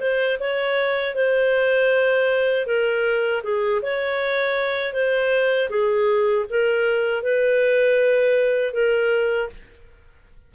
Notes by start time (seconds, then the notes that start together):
0.00 C5
0.40 C#5
1.15 C5
2.66 A#4
3.43 G#4
3.82 C#5
4.93 C5
5.70 G#4
6.49 A#4
7.23 B4
8.73 A#4